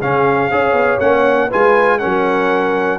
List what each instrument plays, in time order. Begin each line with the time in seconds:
0.00 tuba C#3, trombone C#4, horn G#4, trumpet F5
0.51 tuba C#4, trombone G#4, horn C#5
0.72 tuba B3
1.00 tuba A#3, trombone C#4, trumpet F#5
1.48 tuba G#3, trombone F4, horn B4, trumpet G#5
1.99 trombone C#4, horn A#4, trumpet F#5
2.05 tuba F#3